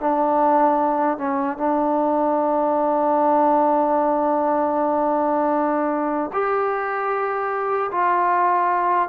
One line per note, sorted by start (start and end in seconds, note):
0.00 1.18 D4
1.18 1.57 C#4
1.57 6.31 D4
6.33 7.91 G4
7.91 9.09 F4